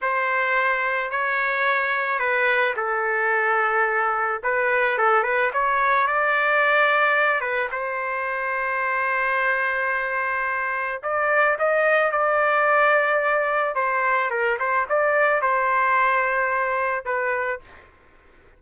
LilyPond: \new Staff \with { instrumentName = "trumpet" } { \time 4/4 \tempo 4 = 109 c''2 cis''2 | b'4 a'2. | b'4 a'8 b'8 cis''4 d''4~ | d''4. b'8 c''2~ |
c''1 | d''4 dis''4 d''2~ | d''4 c''4 ais'8 c''8 d''4 | c''2. b'4 | }